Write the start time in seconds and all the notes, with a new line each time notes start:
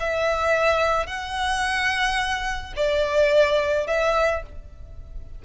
0.00 E5
1.07 F#5
2.76 D5
3.87 E5